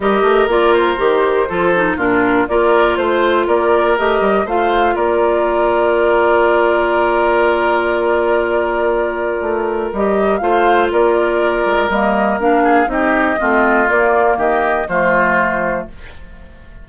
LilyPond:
<<
  \new Staff \with { instrumentName = "flute" } { \time 4/4 \tempo 4 = 121 dis''4 d''8 c''2~ c''8 | ais'4 d''4 c''4 d''4 | dis''4 f''4 d''2~ | d''1~ |
d''1 | dis''4 f''4 d''2 | dis''4 f''4 dis''2 | d''4 dis''4 c''2 | }
  \new Staff \with { instrumentName = "oboe" } { \time 4/4 ais'2. a'4 | f'4 ais'4 c''4 ais'4~ | ais'4 c''4 ais'2~ | ais'1~ |
ais'1~ | ais'4 c''4 ais'2~ | ais'4. gis'8 g'4 f'4~ | f'4 g'4 f'2 | }
  \new Staff \with { instrumentName = "clarinet" } { \time 4/4 g'4 f'4 g'4 f'8 dis'8 | d'4 f'2. | g'4 f'2.~ | f'1~ |
f'1 | g'4 f'2. | ais4 d'4 dis'4 c'4 | ais2 a2 | }
  \new Staff \with { instrumentName = "bassoon" } { \time 4/4 g8 a8 ais4 dis4 f4 | ais,4 ais4 a4 ais4 | a8 g8 a4 ais2~ | ais1~ |
ais2. a4 | g4 a4 ais4. gis8 | g4 ais4 c'4 a4 | ais4 dis4 f2 | }
>>